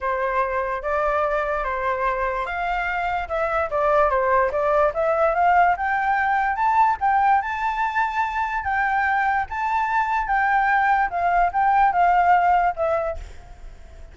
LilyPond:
\new Staff \with { instrumentName = "flute" } { \time 4/4 \tempo 4 = 146 c''2 d''2 | c''2 f''2 | e''4 d''4 c''4 d''4 | e''4 f''4 g''2 |
a''4 g''4 a''2~ | a''4 g''2 a''4~ | a''4 g''2 f''4 | g''4 f''2 e''4 | }